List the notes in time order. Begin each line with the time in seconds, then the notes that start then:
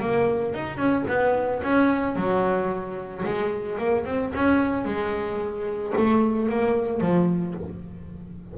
0.00 A#3
0.54 D#4
0.76 C#4
1.08 B3
1.62 C#4
2.15 F#3
3.25 G#3
3.78 A#3
4.05 C4
4.34 C#4
4.85 G#3
5.97 A3
6.49 A#3
7.00 F3